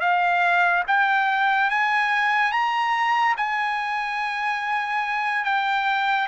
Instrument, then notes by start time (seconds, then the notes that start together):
trumpet
0.00 F5
0.87 G5
1.70 G#5
2.52 A#5
3.37 G#5
5.44 G5